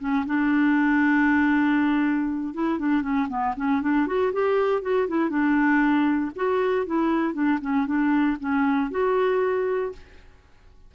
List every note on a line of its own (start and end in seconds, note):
0.00 0.25 C#4
0.26 2.54 D4
2.54 2.79 E4
2.79 3.02 D4
3.02 3.28 C#4
3.29 3.55 B3
3.56 3.82 C#4
3.82 4.07 D4
4.07 4.32 F#4
4.33 4.82 G4
4.82 5.08 F#4
5.08 5.30 E4
5.30 6.32 D4
6.36 6.86 F#4
6.86 7.34 E4
7.34 7.59 D4
7.61 7.87 C#4
7.87 8.38 D4
8.40 8.91 C#4
8.91 9.93 F#4